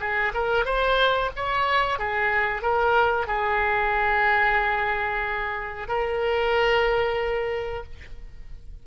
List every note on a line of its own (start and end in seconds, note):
0.00 0.33 G#4
0.34 0.66 A#4
0.66 1.31 C5
1.36 1.99 C#5
1.99 2.62 G#4
2.62 3.27 A#4
3.27 5.88 G#4
5.88 7.83 A#4